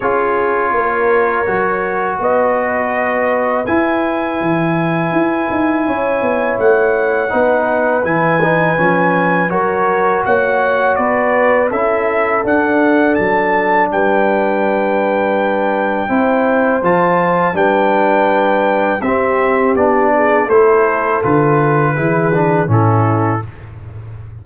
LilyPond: <<
  \new Staff \with { instrumentName = "trumpet" } { \time 4/4 \tempo 4 = 82 cis''2. dis''4~ | dis''4 gis''2.~ | gis''4 fis''2 gis''4~ | gis''4 cis''4 fis''4 d''4 |
e''4 fis''4 a''4 g''4~ | g''2. a''4 | g''2 e''4 d''4 | c''4 b'2 a'4 | }
  \new Staff \with { instrumentName = "horn" } { \time 4/4 gis'4 ais'2 b'4~ | b'1 | cis''2 b'2~ | b'4 ais'4 cis''4 b'4 |
a'2. b'4~ | b'2 c''2 | b'2 g'4. gis'8 | a'2 gis'4 e'4 | }
  \new Staff \with { instrumentName = "trombone" } { \time 4/4 f'2 fis'2~ | fis'4 e'2.~ | e'2 dis'4 e'8 dis'8 | cis'4 fis'2. |
e'4 d'2.~ | d'2 e'4 f'4 | d'2 c'4 d'4 | e'4 f'4 e'8 d'8 cis'4 | }
  \new Staff \with { instrumentName = "tuba" } { \time 4/4 cis'4 ais4 fis4 b4~ | b4 e'4 e4 e'8 dis'8 | cis'8 b8 a4 b4 e4 | f4 fis4 ais4 b4 |
cis'4 d'4 fis4 g4~ | g2 c'4 f4 | g2 c'4 b4 | a4 d4 e4 a,4 | }
>>